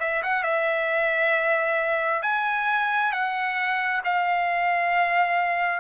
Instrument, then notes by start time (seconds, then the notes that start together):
trumpet
0.00 E5
0.23 F#5
0.43 E5
2.23 G#5
3.12 F#5
4.05 F5